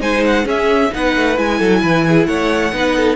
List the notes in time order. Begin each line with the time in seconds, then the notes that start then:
0.00 G#3 D#4 C5 G#5
0.25 F#5
0.45 C#4 G#4 E5
0.91 B3 D#4 B4 F#5
1.16 A3
1.36 G#3 E4 G#5
1.58 F#3 A4
1.82 E3 B4
2.08 G#4
2.26 A3 C#5 F#5
2.72 B3 D#4 B4
2.96 A4